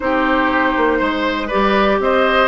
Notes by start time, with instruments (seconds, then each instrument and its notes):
0.00 bassoon C4, clarinet D#4, oboe G4, flute C5
0.77 bassoon A#3
0.98 bassoon G#3, oboe C5
1.47 clarinet G4, oboe B4, flute D5
1.54 bassoon G3
1.99 bassoon C4, oboe C5, flute D#5